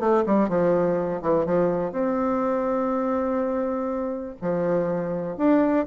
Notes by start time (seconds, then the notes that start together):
0.00 A3
0.26 G3
0.49 F3
1.22 E3
1.46 F3
1.93 C4
4.42 F3
5.37 D4